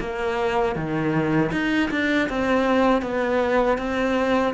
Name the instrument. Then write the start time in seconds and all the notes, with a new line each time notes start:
cello
0.00 A#3
0.76 D#3
1.52 D#4
1.91 D4
2.29 C4
3.02 B3
3.78 C4